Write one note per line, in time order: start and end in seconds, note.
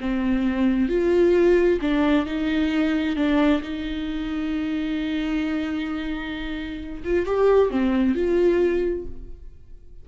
0.00 0.89 C4
0.89 1.80 F4
1.81 2.26 D4
2.26 3.16 D#4
3.16 3.61 D4
3.62 7.03 D#4
7.04 7.26 F4
7.26 7.70 G4
7.70 8.15 C4
8.15 9.06 F4